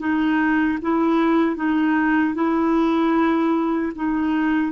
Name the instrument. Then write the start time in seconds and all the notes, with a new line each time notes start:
clarinet
0.00 D#4
0.82 E4
1.56 D#4
2.35 E4
3.96 D#4